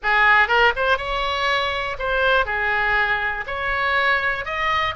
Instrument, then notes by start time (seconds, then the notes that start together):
oboe
0.02 G#4
0.47 A#4
0.76 C5
0.97 C#5
1.98 C5
2.45 G#4
3.46 C#5
4.45 D#5